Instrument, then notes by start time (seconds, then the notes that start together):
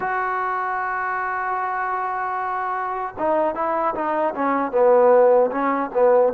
trombone
0.00 F#4
3.19 D#4
3.55 E4
3.94 D#4
4.34 C#4
4.71 B3
5.50 C#4
5.93 B3